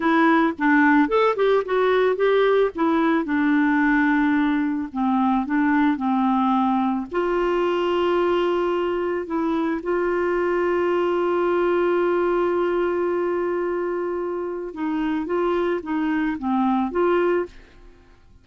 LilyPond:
\new Staff \with { instrumentName = "clarinet" } { \time 4/4 \tempo 4 = 110 e'4 d'4 a'8 g'8 fis'4 | g'4 e'4 d'2~ | d'4 c'4 d'4 c'4~ | c'4 f'2.~ |
f'4 e'4 f'2~ | f'1~ | f'2. dis'4 | f'4 dis'4 c'4 f'4 | }